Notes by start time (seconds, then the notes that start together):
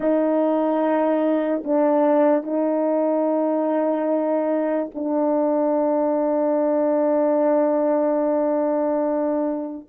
0.00 D#4
1.64 D4
2.43 D#4
4.94 D4